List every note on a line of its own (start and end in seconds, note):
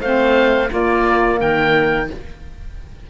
0.00 0.69 A3
0.00 0.68 C4
0.00 0.69 C5
0.00 0.69 F5
0.68 2.06 A#3
0.68 1.40 A#3
0.68 1.38 F4
0.68 1.40 D5
1.38 2.09 D#3
1.38 2.07 A#4
1.38 2.09 G5